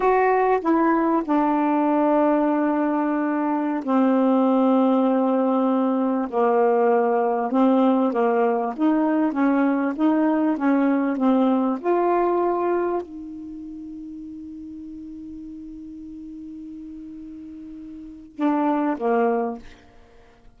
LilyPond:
\new Staff \with { instrumentName = "saxophone" } { \time 4/4 \tempo 4 = 98 fis'4 e'4 d'2~ | d'2~ d'16 c'4.~ c'16~ | c'2~ c'16 ais4.~ ais16~ | ais16 c'4 ais4 dis'4 cis'8.~ |
cis'16 dis'4 cis'4 c'4 f'8.~ | f'4~ f'16 dis'2~ dis'8.~ | dis'1~ | dis'2 d'4 ais4 | }